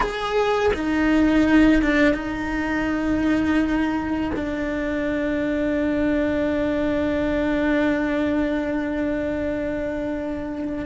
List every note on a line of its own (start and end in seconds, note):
0.00 0.72 G#4
0.73 1.82 D#4
1.82 2.14 D4
2.14 4.30 D#4
4.35 10.85 D4